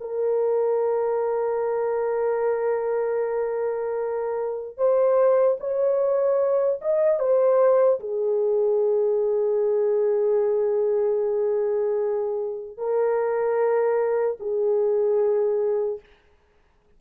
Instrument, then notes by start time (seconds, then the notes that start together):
horn
0.00 A#4
4.77 C5
5.60 C#5
6.81 D#5
7.19 C5
8.00 G#4
12.77 A#4
14.40 G#4